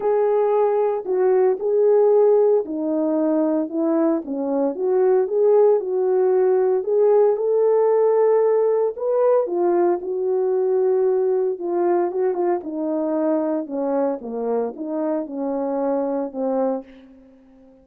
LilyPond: \new Staff \with { instrumentName = "horn" } { \time 4/4 \tempo 4 = 114 gis'2 fis'4 gis'4~ | gis'4 dis'2 e'4 | cis'4 fis'4 gis'4 fis'4~ | fis'4 gis'4 a'2~ |
a'4 b'4 f'4 fis'4~ | fis'2 f'4 fis'8 f'8 | dis'2 cis'4 ais4 | dis'4 cis'2 c'4 | }